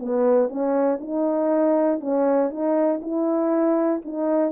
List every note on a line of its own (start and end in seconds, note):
0.00 0.50 B3
0.50 1.00 C#4
1.01 2.01 D#4
2.01 2.50 C#4
2.50 3.00 D#4
3.02 4.02 E4
4.05 4.52 D#4